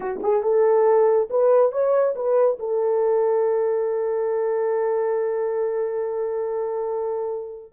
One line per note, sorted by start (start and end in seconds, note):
0.00 0.20 F#4
0.23 0.42 G#4
0.42 1.28 A4
1.30 1.72 B4
1.72 2.14 C#5
2.15 2.58 B4
2.59 7.72 A4